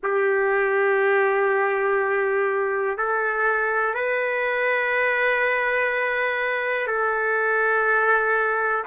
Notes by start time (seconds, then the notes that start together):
0.03 G4
2.97 A4
3.94 B4
6.87 A4